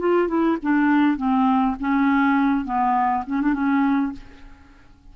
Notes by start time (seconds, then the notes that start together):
0.00 F4
0.28 E4
0.63 D4
1.17 C4
1.80 C#4
2.66 B3
3.27 C#4
3.42 D4
3.54 C#4